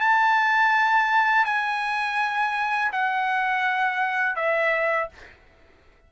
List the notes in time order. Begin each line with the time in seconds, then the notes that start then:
0.00 A5
1.45 G#5
2.92 F#5
4.36 E5